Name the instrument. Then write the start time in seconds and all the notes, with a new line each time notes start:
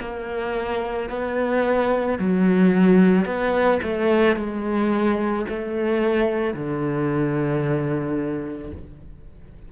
cello
0.00 A#3
1.10 B3
2.18 F#3
3.25 B3
3.82 A3
4.36 G#3
5.49 A3
6.54 D3